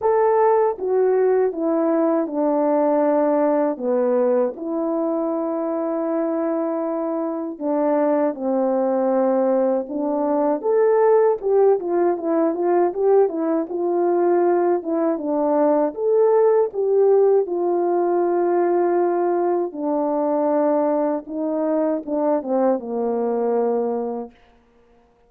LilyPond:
\new Staff \with { instrumentName = "horn" } { \time 4/4 \tempo 4 = 79 a'4 fis'4 e'4 d'4~ | d'4 b4 e'2~ | e'2 d'4 c'4~ | c'4 d'4 a'4 g'8 f'8 |
e'8 f'8 g'8 e'8 f'4. e'8 | d'4 a'4 g'4 f'4~ | f'2 d'2 | dis'4 d'8 c'8 ais2 | }